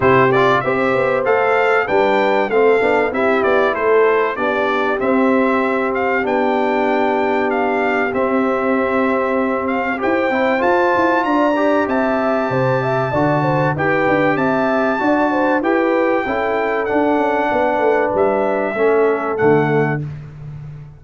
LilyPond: <<
  \new Staff \with { instrumentName = "trumpet" } { \time 4/4 \tempo 4 = 96 c''8 d''8 e''4 f''4 g''4 | f''4 e''8 d''8 c''4 d''4 | e''4. f''8 g''2 | f''4 e''2~ e''8 f''8 |
g''4 a''4 ais''4 a''4~ | a''2 g''4 a''4~ | a''4 g''2 fis''4~ | fis''4 e''2 fis''4 | }
  \new Staff \with { instrumentName = "horn" } { \time 4/4 g'4 c''2 b'4 | a'4 g'4 a'4 g'4~ | g'1~ | g'1 |
c''2 d''4 e''4 | c''8 e''8 d''8 c''8 b'4 e''4 | d''8 c''8 b'4 a'2 | b'2 a'2 | }
  \new Staff \with { instrumentName = "trombone" } { \time 4/4 e'8 f'8 g'4 a'4 d'4 | c'8 d'8 e'2 d'4 | c'2 d'2~ | d'4 c'2. |
g'8 e'8 f'4. g'4.~ | g'4 fis'4 g'2 | fis'4 g'4 e'4 d'4~ | d'2 cis'4 a4 | }
  \new Staff \with { instrumentName = "tuba" } { \time 4/4 c4 c'8 b8 a4 g4 | a8 b8 c'8 b8 a4 b4 | c'2 b2~ | b4 c'2. |
e'8 c'8 f'8 e'8 d'4 c'4 | c4 d4 dis'8 d'8 c'4 | d'4 e'4 cis'4 d'8 cis'8 | b8 a8 g4 a4 d4 | }
>>